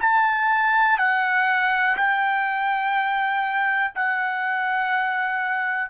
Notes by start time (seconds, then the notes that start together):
0.00 A5
0.98 F#5
1.97 G5
3.95 F#5